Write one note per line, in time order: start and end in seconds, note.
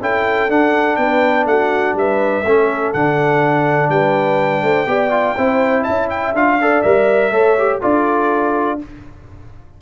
0.00 0.49 C#4
0.00 0.49 E4
0.00 0.98 A4
0.00 0.50 G5
0.49 0.97 D4
0.49 2.44 D4
0.49 0.96 F#5
0.96 1.45 B3
0.96 1.47 B4
0.96 1.45 G5
1.45 1.94 A3
1.45 1.97 F#4
1.45 1.95 F#5
1.94 2.43 G3
1.94 2.44 B4
1.94 2.92 E5
2.44 2.92 A3
2.44 2.95 C#4
2.44 3.90 A4
2.92 3.89 D3
2.92 4.86 D4
2.92 3.90 F#5
3.89 4.62 G3
3.89 4.62 B4
3.89 5.83 G5
4.62 4.86 A3
4.62 4.87 C5
4.86 5.35 B3
4.86 5.10 G4
4.86 5.35 D5
5.10 5.35 F4
5.35 5.86 C4
5.35 6.35 E4
5.35 5.82 C5
5.82 6.33 C#4
5.82 6.56 E5
5.82 6.07 A5
6.09 6.34 G5
6.33 6.82 D4
6.33 6.59 F4
6.33 6.82 F5
6.61 6.84 A4
6.61 7.31 D5
6.82 7.30 G3
6.82 7.33 A#4
6.82 7.79 E5
7.30 7.79 A3
7.30 7.57 A4
7.30 7.80 C#5
7.57 7.81 G4
7.81 8.81 D4
7.81 8.79 F4
7.81 8.78 A4
7.81 8.79 D5